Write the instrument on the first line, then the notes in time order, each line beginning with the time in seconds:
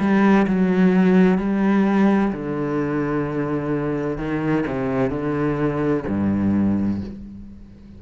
cello
0.00 G3
0.47 F#3
1.38 G3
2.32 D3
4.18 D#3
4.67 C3
5.11 D3
6.07 G2